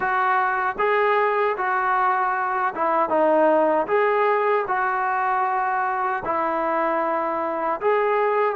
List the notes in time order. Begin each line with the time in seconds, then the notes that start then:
0.00 F#4
0.78 G#4
1.57 F#4
2.74 E4
3.09 D#4
3.87 G#4
4.67 F#4
6.24 E4
7.80 G#4